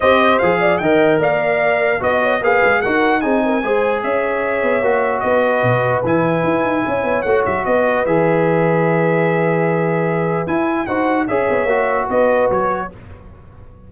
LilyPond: <<
  \new Staff \with { instrumentName = "trumpet" } { \time 4/4 \tempo 4 = 149 dis''4 f''4 g''4 f''4~ | f''4 dis''4 f''4 fis''4 | gis''2 e''2~ | e''4 dis''2 gis''4~ |
gis''2 fis''8 e''8 dis''4 | e''1~ | e''2 gis''4 fis''4 | e''2 dis''4 cis''4 | }
  \new Staff \with { instrumentName = "horn" } { \time 4/4 c''4. d''8 dis''4 d''4~ | d''4 dis''8 cis''8 b'4 ais'4 | gis'8 ais'8 c''4 cis''2~ | cis''4 b'2.~ |
b'4 cis''2 b'4~ | b'1~ | b'2. c''4 | cis''2 b'2 | }
  \new Staff \with { instrumentName = "trombone" } { \time 4/4 g'4 gis'4 ais'2~ | ais'4 fis'4 gis'4 fis'4 | dis'4 gis'2. | fis'2. e'4~ |
e'2 fis'2 | gis'1~ | gis'2 e'4 fis'4 | gis'4 fis'2. | }
  \new Staff \with { instrumentName = "tuba" } { \time 4/4 c'4 f4 dis4 ais4~ | ais4 b4 ais8 gis8 dis'4 | c'4 gis4 cis'4. b8 | ais4 b4 b,4 e4 |
e'8 dis'8 cis'8 b8 a8 fis8 b4 | e1~ | e2 e'4 dis'4 | cis'8 b8 ais4 b4 fis4 | }
>>